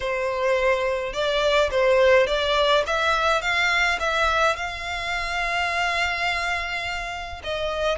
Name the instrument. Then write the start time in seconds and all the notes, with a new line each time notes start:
violin
0.00 C5
1.13 D5
1.70 C5
2.26 D5
2.86 E5
3.41 F5
3.99 E5
4.56 F5
7.43 D#5